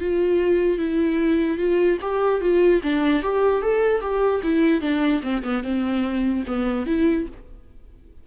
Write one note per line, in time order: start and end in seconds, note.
0.00 0.78 F4
0.78 1.57 E4
1.57 1.98 F4
2.01 2.41 G4
2.41 2.81 F4
2.83 3.22 D4
3.22 3.61 G4
3.61 4.01 A4
4.01 4.41 G4
4.43 4.81 E4
4.81 5.21 D4
5.22 5.43 C4
5.43 5.63 B3
5.63 6.44 C4
6.46 6.86 B3
6.86 7.26 E4